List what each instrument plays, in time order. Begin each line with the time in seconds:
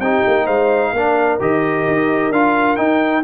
0.00 tuba C4, trombone D#4, horn G4, trumpet G5
0.26 tuba A#3
0.44 tuba G#3, horn C5, trumpet F5
0.93 tuba A#3, trombone D4, horn A#4
1.40 tuba D#3, trombone G4, trumpet D#5
1.87 tuba D#4
2.31 tuba D4, trombone F4, trumpet F5
2.76 trombone D#4, tuba D#4, trumpet G5